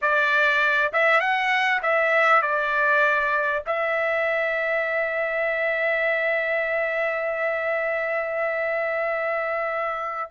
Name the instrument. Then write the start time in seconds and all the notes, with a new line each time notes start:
trumpet
0.01 D5
0.93 E5
1.20 F#5
1.82 E5
2.42 D5
3.66 E5